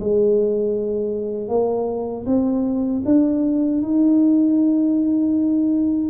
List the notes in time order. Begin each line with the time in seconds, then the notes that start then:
0.00 G#3
1.48 A#3
2.26 C4
3.05 D4
3.82 D#4